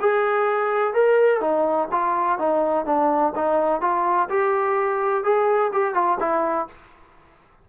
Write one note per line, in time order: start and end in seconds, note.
0.00 0.94 G#4
0.94 1.40 A#4
1.40 1.88 D#4
1.91 2.39 F4
2.39 2.85 D#4
2.85 3.33 D4
3.35 3.81 D#4
3.81 4.29 F4
4.29 5.24 G4
5.24 5.71 G#4
5.73 5.94 G4
5.94 6.18 F4
6.19 6.67 E4